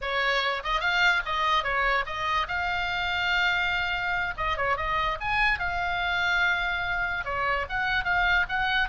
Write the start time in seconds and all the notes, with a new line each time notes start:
0.01 C#5
0.63 D#5
0.80 F5
1.25 D#5
1.63 C#5
2.05 D#5
2.47 F5
4.37 D#5
4.57 C#5
4.76 D#5
5.20 G#5
5.59 F5
7.24 C#5
7.69 F#5
8.04 F5
8.48 F#5